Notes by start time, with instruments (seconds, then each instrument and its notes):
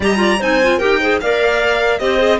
0.00 cello G3, clarinet G4 D#5, violin A#5
0.16 clarinet F4 D5
0.40 cello C4, clarinet D#4 C5, violin G#5
0.62 clarinet F4
0.78 cello D#4, clarinet G4 A#4, violin G5
1.00 clarinet G#4 C5
1.20 cello A#3, clarinet A#4 D5, violin F5
1.98 cello C4, clarinet G4 C5, violin D#5
2.18 clarinet G#4